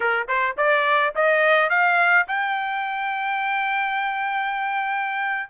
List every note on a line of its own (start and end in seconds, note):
0.00 0.27 A#4
0.28 0.56 C5
0.57 1.13 D5
1.15 1.69 D#5
1.69 2.26 F5
2.27 5.49 G5